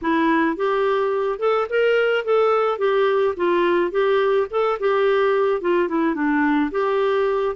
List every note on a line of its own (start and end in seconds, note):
0.01 0.56 E4
0.56 1.39 G4
1.39 1.67 A4
1.69 2.24 A#4
2.24 2.78 A4
2.78 3.34 G4
3.36 3.91 F4
3.91 4.47 G4
4.50 4.78 A4
4.79 5.61 G4
5.61 5.88 F4
5.88 6.15 E4
6.15 6.71 D4
6.71 7.55 G4